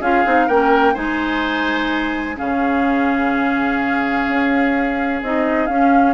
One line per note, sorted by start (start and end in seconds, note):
0.00 0.24 C#4
0.00 0.25 F4
0.00 0.47 G#4
0.00 0.48 F5
0.25 0.48 C4
0.25 0.49 D#4
0.47 0.96 A#3
0.47 0.95 C#4
0.47 0.94 A#4
0.47 0.95 G5
0.94 2.38 G#3
0.94 2.36 D#4
0.94 2.36 C5
0.94 2.37 G#5
2.36 4.28 C#3
2.36 5.19 C#4
2.36 6.14 G#4
2.36 5.21 F5
4.28 5.22 C#4
5.22 5.68 C4
5.22 5.69 D#4
5.22 5.66 D#5
5.66 6.14 C#4
5.66 6.13 F5